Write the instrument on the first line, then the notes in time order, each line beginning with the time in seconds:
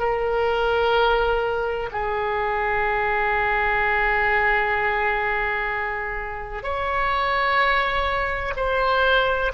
oboe
0.00 A#4
1.92 G#4
6.64 C#5
8.57 C5